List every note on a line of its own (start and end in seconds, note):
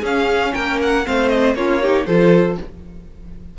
0.00 0.53 C#4
0.00 1.05 C#4
0.00 0.51 G#4
0.00 0.54 F5
0.54 1.07 A#3
0.54 1.05 A#4
0.54 0.79 G5
0.82 1.07 F#5
1.06 1.55 A3
1.06 1.56 C4
1.06 1.57 C5
1.06 1.29 F5
1.29 1.54 D#5
1.55 2.06 A#3
1.55 1.82 C#4
1.55 1.82 F4
1.55 2.06 C#5
1.82 2.08 D#4
1.82 2.07 G4
2.06 2.58 F3
2.06 2.59 F4
2.06 2.58 A4
2.06 2.57 C5